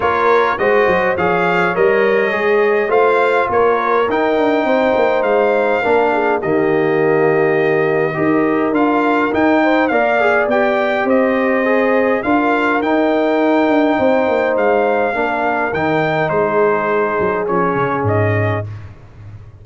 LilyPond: <<
  \new Staff \with { instrumentName = "trumpet" } { \time 4/4 \tempo 4 = 103 cis''4 dis''4 f''4 dis''4~ | dis''4 f''4 cis''4 g''4~ | g''4 f''2 dis''4~ | dis''2. f''4 |
g''4 f''4 g''4 dis''4~ | dis''4 f''4 g''2~ | g''4 f''2 g''4 | c''2 cis''4 dis''4 | }
  \new Staff \with { instrumentName = "horn" } { \time 4/4 ais'4 c''4 cis''2~ | cis''4 c''4 ais'2 | c''2 ais'8 gis'8 g'4~ | g'2 ais'2~ |
ais'8 c''8 d''2 c''4~ | c''4 ais'2. | c''2 ais'2 | gis'1 | }
  \new Staff \with { instrumentName = "trombone" } { \time 4/4 f'4 fis'4 gis'4 ais'4 | gis'4 f'2 dis'4~ | dis'2 d'4 ais4~ | ais2 g'4 f'4 |
dis'4 ais'8 gis'8 g'2 | gis'4 f'4 dis'2~ | dis'2 d'4 dis'4~ | dis'2 cis'2 | }
  \new Staff \with { instrumentName = "tuba" } { \time 4/4 ais4 gis8 fis8 f4 g4 | gis4 a4 ais4 dis'8 d'8 | c'8 ais8 gis4 ais4 dis4~ | dis2 dis'4 d'4 |
dis'4 ais4 b4 c'4~ | c'4 d'4 dis'4. d'8 | c'8 ais8 gis4 ais4 dis4 | gis4. fis8 f8 cis8 gis,4 | }
>>